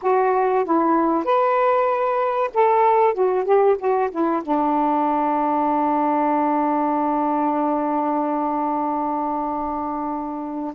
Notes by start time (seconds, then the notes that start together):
0.02 F#4
0.65 E4
1.24 B4
2.53 A4
3.14 F#4
3.44 G4
3.78 F#4
4.10 E4
4.42 D4